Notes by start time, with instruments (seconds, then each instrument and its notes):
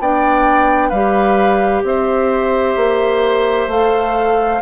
0.00 bassoon B3, clarinet D4, oboe D5, flute G5
0.89 bassoon G3, clarinet G4, oboe B4, flute F5
1.83 bassoon C4, oboe C5, flute E5
2.77 bassoon A#3
3.68 bassoon A3, clarinet A4, flute F5